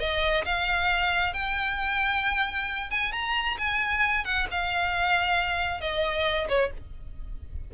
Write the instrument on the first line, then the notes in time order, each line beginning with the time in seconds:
violin
0.00 D#5
0.45 F5
1.34 G5
2.91 G#5
3.12 A#5
3.58 G#5
4.25 F#5
4.51 F5
5.81 D#5
6.49 C#5